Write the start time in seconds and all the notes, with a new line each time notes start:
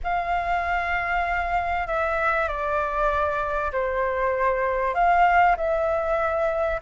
0.03 F5
1.87 E5
2.48 D5
3.72 C5
4.94 F5
5.57 E5